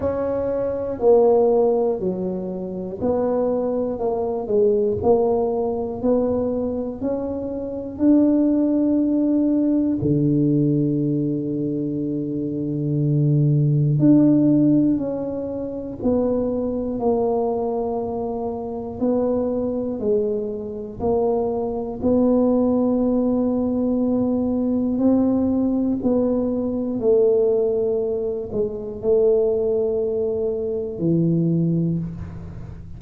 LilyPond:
\new Staff \with { instrumentName = "tuba" } { \time 4/4 \tempo 4 = 60 cis'4 ais4 fis4 b4 | ais8 gis8 ais4 b4 cis'4 | d'2 d2~ | d2 d'4 cis'4 |
b4 ais2 b4 | gis4 ais4 b2~ | b4 c'4 b4 a4~ | a8 gis8 a2 e4 | }